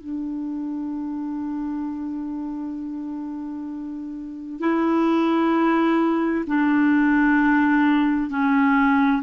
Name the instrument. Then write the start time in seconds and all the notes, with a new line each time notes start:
clarinet
0.00 D4
4.60 E4
6.47 D4
8.30 C#4